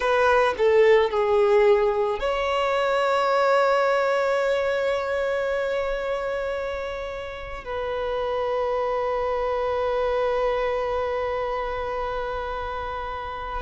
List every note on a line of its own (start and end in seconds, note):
0.00 0.54 B4
0.57 1.10 A4
1.10 2.19 G#4
2.19 7.64 C#5
7.64 13.62 B4